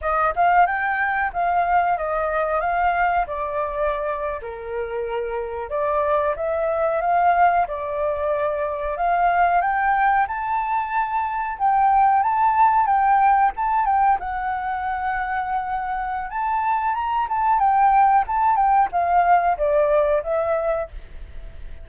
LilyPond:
\new Staff \with { instrumentName = "flute" } { \time 4/4 \tempo 4 = 92 dis''8 f''8 g''4 f''4 dis''4 | f''4 d''4.~ d''16 ais'4~ ais'16~ | ais'8. d''4 e''4 f''4 d''16~ | d''4.~ d''16 f''4 g''4 a''16~ |
a''4.~ a''16 g''4 a''4 g''16~ | g''8. a''8 g''8 fis''2~ fis''16~ | fis''4 a''4 ais''8 a''8 g''4 | a''8 g''8 f''4 d''4 e''4 | }